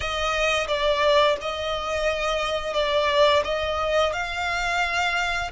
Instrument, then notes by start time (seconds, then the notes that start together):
violin
0.00 D#5
0.67 D5
1.41 D#5
2.73 D5
3.44 D#5
4.13 F5